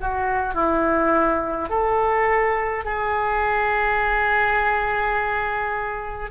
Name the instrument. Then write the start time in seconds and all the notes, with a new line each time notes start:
oboe
0.00 F#4
0.54 E4
1.69 A4
2.85 G#4